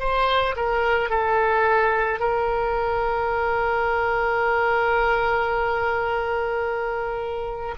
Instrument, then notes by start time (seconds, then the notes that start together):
oboe
0.00 C5
0.57 A#4
1.10 A4
2.20 A#4